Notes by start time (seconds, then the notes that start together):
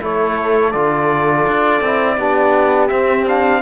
0.00 A3 E4 A4 C#5
0.71 D3 F4 D5
1.47 D4
1.81 C4 E4
2.17 B3 D4 G4
2.88 C4 E5
3.25 D4 F5